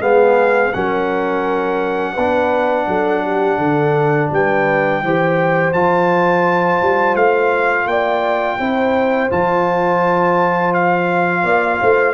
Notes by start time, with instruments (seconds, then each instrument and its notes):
0.00 tuba G#3, trombone B3, horn G#4, trumpet F5
0.72 tuba F#3, trombone C#4, horn A#4, trumpet F#5
2.13 tuba B3, trombone D4, horn B4
2.87 tuba F#3, horn A4
3.24 horn G4
3.58 tuba D3, horn A4
4.31 tuba G3, horn B4, trumpet G5
5.03 tuba E3, trombone G4, horn C5
5.73 tuba F3, trombone F4, trumpet A5
6.81 tuba G3
7.15 tuba A3, trumpet F5
7.86 tuba A#3, horn D5, trumpet G5
8.58 tuba C4, trombone E4, horn C5
9.29 tuba F3, trombone F4, trumpet A5
10.74 trumpet F5
11.43 tuba A#3, horn D5
11.80 tuba A3, horn C5